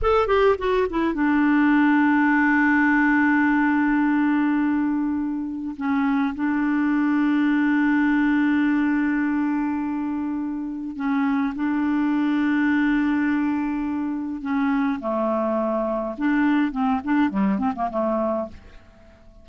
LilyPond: \new Staff \with { instrumentName = "clarinet" } { \time 4/4 \tempo 4 = 104 a'8 g'8 fis'8 e'8 d'2~ | d'1~ | d'2 cis'4 d'4~ | d'1~ |
d'2. cis'4 | d'1~ | d'4 cis'4 a2 | d'4 c'8 d'8 g8 c'16 ais16 a4 | }